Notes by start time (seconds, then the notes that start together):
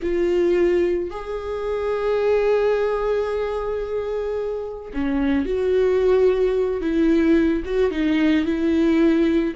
0.02 F4
1.10 G#4
4.93 C#4
5.45 F#4
6.81 E4
7.65 F#4
7.90 D#4
8.45 E4